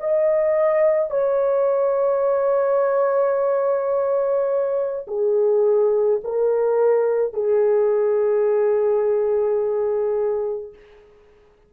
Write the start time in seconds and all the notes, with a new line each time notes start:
0.00 D#5
1.10 C#5
5.07 G#4
6.24 A#4
7.33 G#4